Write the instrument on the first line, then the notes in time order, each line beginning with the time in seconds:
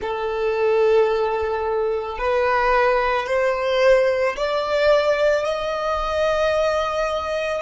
violin
0.01 A4
2.18 B4
3.27 C5
4.36 D5
5.44 D#5